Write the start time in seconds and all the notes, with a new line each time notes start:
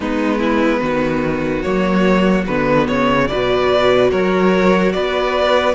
0.00 G#3 B3 D#4 B4
0.39 E4
0.80 D#3 F#4
1.62 F#3 A#3 C#5
2.46 D3 B3 B4
2.88 C#3 C#5
3.27 B2 F#4 B4 D5
4.10 F#3 A#4 C#5
4.92 B3 B4 D5